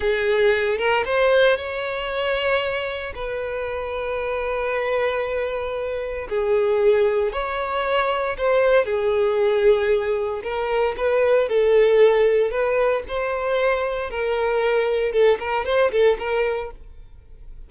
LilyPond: \new Staff \with { instrumentName = "violin" } { \time 4/4 \tempo 4 = 115 gis'4. ais'8 c''4 cis''4~ | cis''2 b'2~ | b'1 | gis'2 cis''2 |
c''4 gis'2. | ais'4 b'4 a'2 | b'4 c''2 ais'4~ | ais'4 a'8 ais'8 c''8 a'8 ais'4 | }